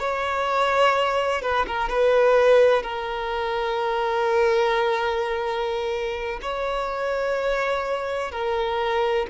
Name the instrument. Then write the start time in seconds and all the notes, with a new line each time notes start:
violin
0.00 C#5
1.42 B4
1.67 A#4
1.90 B4
2.83 A#4
6.42 C#5
8.32 A#4